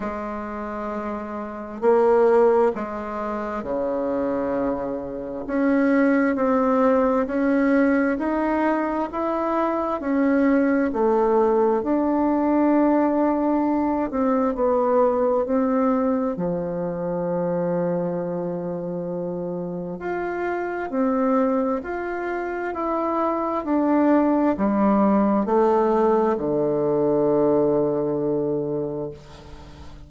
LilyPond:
\new Staff \with { instrumentName = "bassoon" } { \time 4/4 \tempo 4 = 66 gis2 ais4 gis4 | cis2 cis'4 c'4 | cis'4 dis'4 e'4 cis'4 | a4 d'2~ d'8 c'8 |
b4 c'4 f2~ | f2 f'4 c'4 | f'4 e'4 d'4 g4 | a4 d2. | }